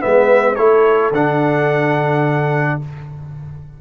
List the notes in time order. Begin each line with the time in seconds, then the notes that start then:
0.00 G#3 B3 B4 E5
0.55 A3 E4 A4 C#5
1.10 D3 D4 F#5